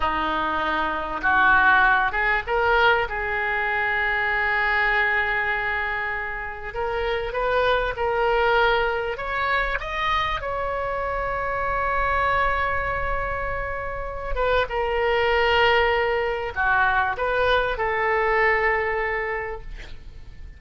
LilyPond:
\new Staff \with { instrumentName = "oboe" } { \time 4/4 \tempo 4 = 98 dis'2 fis'4. gis'8 | ais'4 gis'2.~ | gis'2. ais'4 | b'4 ais'2 cis''4 |
dis''4 cis''2.~ | cis''2.~ cis''8 b'8 | ais'2. fis'4 | b'4 a'2. | }